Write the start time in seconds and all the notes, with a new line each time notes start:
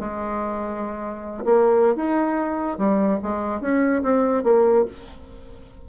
0.00 G#3
1.45 A#3
1.96 D#4
2.78 G3
3.23 G#3
3.61 C#4
4.03 C4
4.44 A#3